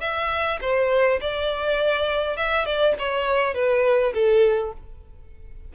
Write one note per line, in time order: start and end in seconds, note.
0.00 0.59 E5
0.61 1.20 C5
1.21 2.36 D5
2.36 2.65 E5
2.65 2.95 D5
2.98 3.54 C#5
3.54 4.13 B4
4.14 4.72 A4